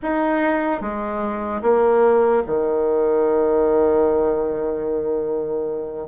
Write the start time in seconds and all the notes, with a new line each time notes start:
0.02 D#4
0.80 G#3
1.61 A#3
2.46 D#3